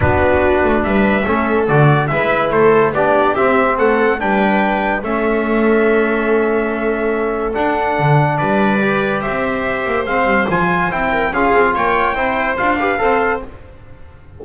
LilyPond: <<
  \new Staff \with { instrumentName = "trumpet" } { \time 4/4 \tempo 4 = 143 b'2 e''2 | d''4 e''4 c''4 d''4 | e''4 fis''4 g''2 | e''1~ |
e''2 fis''2 | d''2 e''2 | f''4 gis''4 g''4 f''4 | g''2 f''2 | }
  \new Staff \with { instrumentName = "viola" } { \time 4/4 fis'2 b'4 a'4~ | a'4 b'4 a'4 g'4~ | g'4 a'4 b'2 | a'1~ |
a'1 | b'2 c''2~ | c''2~ c''8 ais'8 gis'4 | cis''4 c''4. b'8 c''4 | }
  \new Staff \with { instrumentName = "trombone" } { \time 4/4 d'2. cis'4 | fis'4 e'2 d'4 | c'2 d'2 | cis'1~ |
cis'2 d'2~ | d'4 g'2. | c'4 f'4 e'4 f'4~ | f'4 e'4 f'8 g'8 a'4 | }
  \new Staff \with { instrumentName = "double bass" } { \time 4/4 b4. a8 g4 a4 | d4 gis4 a4 b4 | c'4 a4 g2 | a1~ |
a2 d'4 d4 | g2 c'4. ais8 | gis8 g8 f4 c'4 cis'8 c'8 | ais4 c'4 d'4 c'4 | }
>>